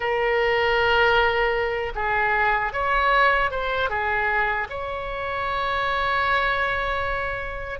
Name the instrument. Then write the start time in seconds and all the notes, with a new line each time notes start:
oboe
0.00 A#4
1.95 G#4
2.72 C#5
3.50 C5
3.89 G#4
4.69 C#5